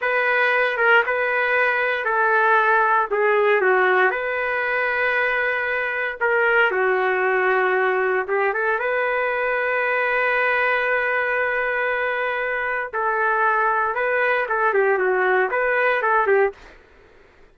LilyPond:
\new Staff \with { instrumentName = "trumpet" } { \time 4/4 \tempo 4 = 116 b'4. ais'8 b'2 | a'2 gis'4 fis'4 | b'1 | ais'4 fis'2. |
g'8 a'8 b'2.~ | b'1~ | b'4 a'2 b'4 | a'8 g'8 fis'4 b'4 a'8 g'8 | }